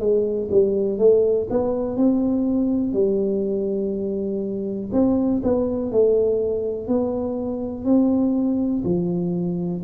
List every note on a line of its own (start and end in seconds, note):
0.00 0.49 G#3
0.51 0.99 G3
0.99 1.48 A3
1.51 1.97 B3
1.97 2.94 C4
2.94 4.90 G3
4.93 5.42 C4
5.44 5.92 B3
5.92 6.88 A3
6.88 7.85 B3
7.85 8.83 C4
8.85 9.83 F3